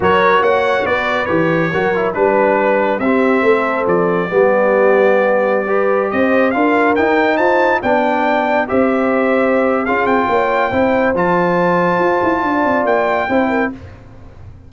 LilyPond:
<<
  \new Staff \with { instrumentName = "trumpet" } { \time 4/4 \tempo 4 = 140 cis''4 fis''4 d''4 cis''4~ | cis''4 b'2 e''4~ | e''4 d''2.~ | d''2~ d''16 dis''4 f''8.~ |
f''16 g''4 a''4 g''4.~ g''16~ | g''16 e''2~ e''8. f''8 g''8~ | g''2 a''2~ | a''2 g''2 | }
  \new Staff \with { instrumentName = "horn" } { \time 4/4 ais'4 cis''4 b'2 | ais'4 b'2 g'4 | a'2 g'2~ | g'4~ g'16 b'4 c''4 ais'8.~ |
ais'4~ ais'16 c''4 d''4.~ d''16~ | d''16 c''2~ c''8. gis'4 | cis''4 c''2.~ | c''4 d''2 c''8 ais'8 | }
  \new Staff \with { instrumentName = "trombone" } { \time 4/4 fis'2. g'4 | fis'8 e'8 d'2 c'4~ | c'2 b2~ | b4~ b16 g'2 f'8.~ |
f'16 dis'2 d'4.~ d'16~ | d'16 g'2~ g'8. f'4~ | f'4 e'4 f'2~ | f'2. e'4 | }
  \new Staff \with { instrumentName = "tuba" } { \time 4/4 fis4 ais4 b4 e4 | fis4 g2 c'4 | a4 f4 g2~ | g2~ g16 c'4 d'8.~ |
d'16 dis'4 f'4 b4.~ b16~ | b16 c'2~ c'8. cis'8 c'8 | ais4 c'4 f2 | f'8 e'8 d'8 c'8 ais4 c'4 | }
>>